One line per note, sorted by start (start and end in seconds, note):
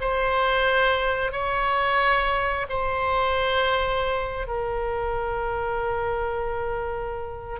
0.00 1.32 C5
1.32 2.66 C#5
2.69 4.47 C5
4.47 7.59 A#4